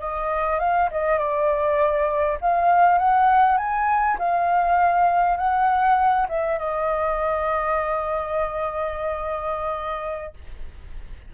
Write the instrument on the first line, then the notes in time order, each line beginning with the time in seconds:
flute
0.00 D#5
0.60 F5
0.91 D#5
1.19 D5
2.41 F5
2.99 F#5
3.58 G#5
4.19 F5
5.37 F#5
6.29 E5
6.59 D#5